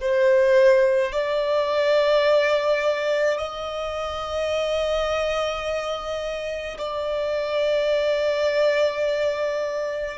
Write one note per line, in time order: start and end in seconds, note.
0.00 1.12 C5
1.12 3.38 D5
3.38 6.77 D#5
6.78 10.18 D5